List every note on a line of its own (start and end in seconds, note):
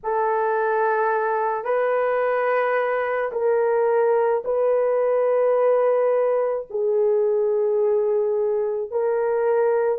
0.03 1.64 A4
1.64 3.31 B4
3.32 4.43 A#4
4.44 6.66 B4
6.69 8.90 G#4
8.90 9.98 A#4